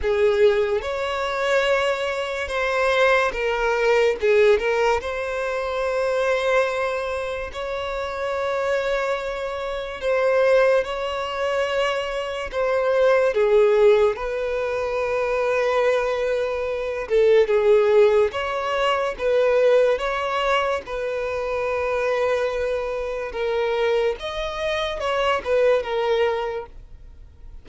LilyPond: \new Staff \with { instrumentName = "violin" } { \time 4/4 \tempo 4 = 72 gis'4 cis''2 c''4 | ais'4 gis'8 ais'8 c''2~ | c''4 cis''2. | c''4 cis''2 c''4 |
gis'4 b'2.~ | b'8 a'8 gis'4 cis''4 b'4 | cis''4 b'2. | ais'4 dis''4 cis''8 b'8 ais'4 | }